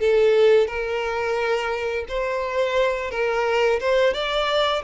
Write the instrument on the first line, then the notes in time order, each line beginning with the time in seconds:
violin
0.00 A4
0.67 A#4
2.09 C5
3.11 A#4
3.80 C5
4.14 D5